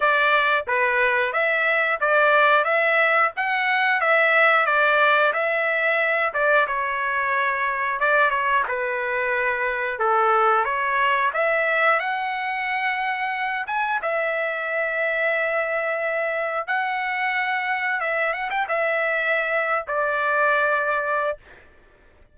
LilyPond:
\new Staff \with { instrumentName = "trumpet" } { \time 4/4 \tempo 4 = 90 d''4 b'4 e''4 d''4 | e''4 fis''4 e''4 d''4 | e''4. d''8 cis''2 | d''8 cis''8 b'2 a'4 |
cis''4 e''4 fis''2~ | fis''8 gis''8 e''2.~ | e''4 fis''2 e''8 fis''16 g''16 | e''4.~ e''16 d''2~ d''16 | }